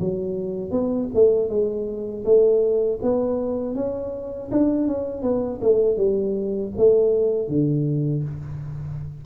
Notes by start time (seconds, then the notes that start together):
0.00 F#3
0.72 B3
1.15 A3
1.49 G#3
2.25 A3
3.03 B3
3.75 C#4
4.52 D4
4.88 C#4
5.22 B3
5.61 A3
5.97 G3
6.77 A3
7.49 D3